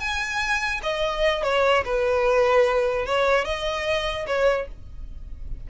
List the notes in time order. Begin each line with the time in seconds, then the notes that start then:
0.00 G#5
0.83 D#5
1.44 C#5
1.85 B4
3.06 C#5
3.45 D#5
4.27 C#5